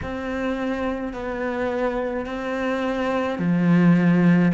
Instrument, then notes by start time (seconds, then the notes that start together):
cello
0.02 C4
1.13 B3
2.26 C4
3.38 F3